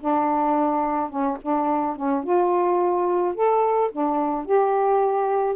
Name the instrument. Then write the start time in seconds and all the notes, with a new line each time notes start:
saxophone
0.00 D4
1.10 C#4
1.42 D4
1.96 C#4
2.24 F4
3.35 A4
3.92 D4
4.45 G4